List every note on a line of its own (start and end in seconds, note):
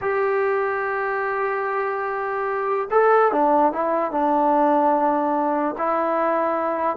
0.01 2.89 G4
2.90 3.32 A4
3.32 3.72 D4
3.72 4.11 E4
4.11 5.75 D4
5.78 6.97 E4